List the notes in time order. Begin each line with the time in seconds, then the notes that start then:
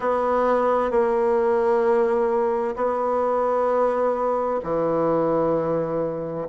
0.00 B3
0.90 A#3
2.76 B3
4.63 E3